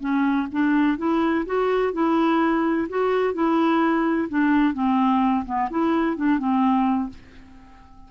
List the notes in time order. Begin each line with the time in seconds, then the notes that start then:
0.00 C#4
0.52 D4
0.97 E4
1.46 F#4
1.93 E4
2.89 F#4
3.34 E4
4.29 D4
4.74 C4
5.45 B3
5.70 E4
6.16 D4
6.38 C4